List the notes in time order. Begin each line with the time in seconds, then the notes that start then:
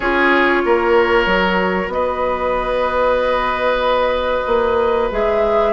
0.00 C#4 F4 G#4 C#5
0.64 A#3 A#4
1.26 F#3 F#4
1.87 B3 B4 D#5
4.46 A#3
5.11 G#3 G#4 E5